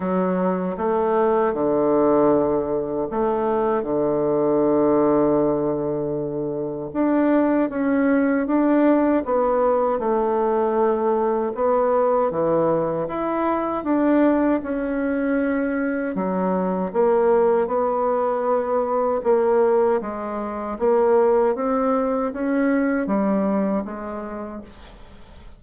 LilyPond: \new Staff \with { instrumentName = "bassoon" } { \time 4/4 \tempo 4 = 78 fis4 a4 d2 | a4 d2.~ | d4 d'4 cis'4 d'4 | b4 a2 b4 |
e4 e'4 d'4 cis'4~ | cis'4 fis4 ais4 b4~ | b4 ais4 gis4 ais4 | c'4 cis'4 g4 gis4 | }